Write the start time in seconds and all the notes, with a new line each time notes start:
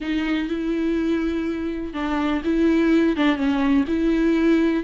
0.00 D#4
0.48 E4
1.93 D4
2.44 E4
3.16 D4
3.36 C#4
3.87 E4